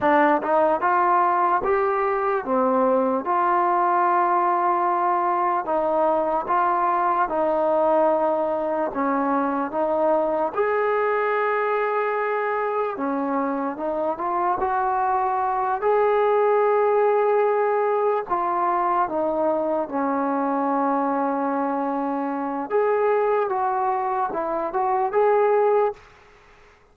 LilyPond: \new Staff \with { instrumentName = "trombone" } { \time 4/4 \tempo 4 = 74 d'8 dis'8 f'4 g'4 c'4 | f'2. dis'4 | f'4 dis'2 cis'4 | dis'4 gis'2. |
cis'4 dis'8 f'8 fis'4. gis'8~ | gis'2~ gis'8 f'4 dis'8~ | dis'8 cis'2.~ cis'8 | gis'4 fis'4 e'8 fis'8 gis'4 | }